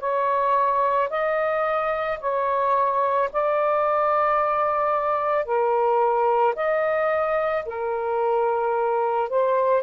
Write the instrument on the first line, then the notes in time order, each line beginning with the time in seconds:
saxophone
0.00 C#5
1.10 D#5
2.20 C#5
3.33 D5
5.45 A#4
6.56 D#5
7.66 A#4
9.29 C5